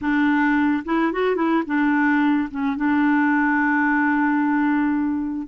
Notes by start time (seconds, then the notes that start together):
0.01 D4
0.84 E4
1.12 F#4
1.35 E4
1.66 D4
2.50 C#4
2.76 D4